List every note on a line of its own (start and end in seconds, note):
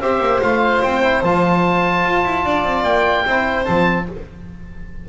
0.00 0.20 C4
0.00 0.42 G4
0.00 2.44 C5
0.00 0.41 E5
0.20 0.40 A#3
0.42 0.82 A3
0.42 1.02 F4
0.42 0.82 F5
0.82 1.23 C4
0.82 1.23 G5
1.02 1.22 E4
1.23 2.04 F3
1.23 3.27 F4
1.23 2.84 A5
2.04 2.24 F4
2.24 2.44 E4
2.44 2.63 D4
2.44 3.24 D5
2.63 2.83 C4
2.83 3.24 A#3
2.83 3.65 G5
3.24 3.66 C4
3.24 3.64 E4
3.24 4.06 C5
3.64 4.08 F3
3.64 4.05 C4
3.64 4.05 A5